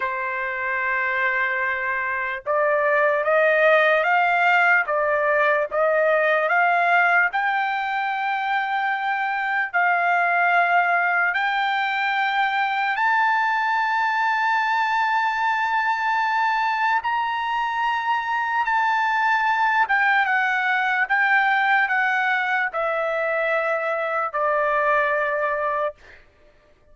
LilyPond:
\new Staff \with { instrumentName = "trumpet" } { \time 4/4 \tempo 4 = 74 c''2. d''4 | dis''4 f''4 d''4 dis''4 | f''4 g''2. | f''2 g''2 |
a''1~ | a''4 ais''2 a''4~ | a''8 g''8 fis''4 g''4 fis''4 | e''2 d''2 | }